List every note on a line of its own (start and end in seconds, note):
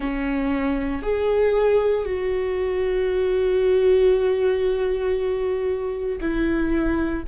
0.00 1.02 C#4
1.02 2.05 G#4
2.05 6.18 F#4
6.20 7.24 E4